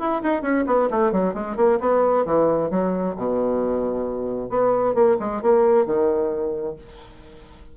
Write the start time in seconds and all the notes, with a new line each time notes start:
0.00 E4
0.23 D#4
0.43 C#4
0.67 B3
0.91 A3
1.12 F#3
1.34 G#3
1.57 A#3
1.80 B3
2.26 E3
2.71 F#3
3.17 B2
4.50 B3
4.95 A#3
5.20 G#3
5.43 A#3
5.86 D#3